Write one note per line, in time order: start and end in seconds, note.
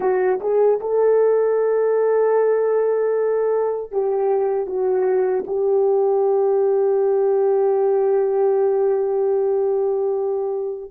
0.00 0.39 F#4
0.40 0.79 G#4
0.80 3.91 A4
3.91 4.66 G4
4.66 5.44 F#4
5.47 10.91 G4